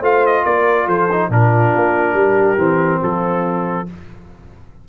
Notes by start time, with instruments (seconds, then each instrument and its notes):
0.00 tuba A3, trombone F4, horn C5, trumpet F5
0.26 trumpet D#5
0.44 tuba A#3, horn A#4, trumpet D5
0.86 tuba F3, horn A4, trumpet C5
1.11 trombone D#4
1.29 tuba A#2, trombone D4, horn F4, trumpet A#4
1.75 tuba A#3
2.13 tuba G3, horn G4
2.57 tuba E3, trombone C4
3.00 tuba F3, horn F4, trumpet A4